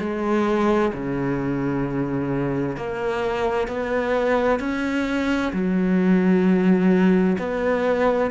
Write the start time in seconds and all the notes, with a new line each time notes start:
0.00 G#3
0.94 C#3
2.77 A#3
3.68 B3
4.60 C#4
5.53 F#3
7.39 B3